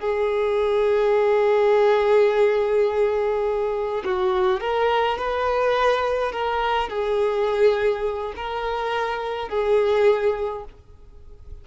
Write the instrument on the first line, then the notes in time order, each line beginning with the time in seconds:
violin
0.00 G#4
4.05 F#4
4.61 A#4
5.18 B4
6.33 A#4
6.90 G#4
8.37 A#4
9.49 G#4